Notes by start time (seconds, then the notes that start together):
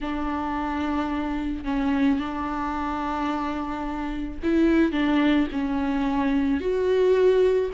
0.00 D4
1.64 C#4
2.19 D4
4.43 E4
4.92 D4
5.52 C#4
6.60 F#4